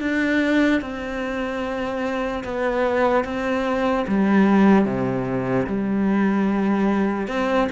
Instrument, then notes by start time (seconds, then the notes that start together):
cello
0.00 D4
0.81 C4
2.44 B3
3.24 C4
4.07 G3
4.85 C3
5.66 G3
7.27 C4